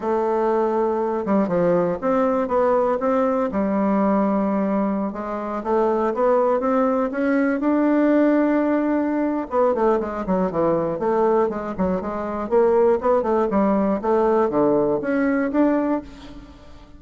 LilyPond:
\new Staff \with { instrumentName = "bassoon" } { \time 4/4 \tempo 4 = 120 a2~ a8 g8 f4 | c'4 b4 c'4 g4~ | g2~ g16 gis4 a8.~ | a16 b4 c'4 cis'4 d'8.~ |
d'2. b8 a8 | gis8 fis8 e4 a4 gis8 fis8 | gis4 ais4 b8 a8 g4 | a4 d4 cis'4 d'4 | }